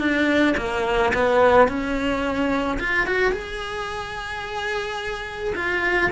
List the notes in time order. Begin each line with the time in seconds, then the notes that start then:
0.00 D4
0.58 A#3
1.14 B3
1.68 C#4
2.80 F4
3.07 F#4
3.32 G#4
5.56 F4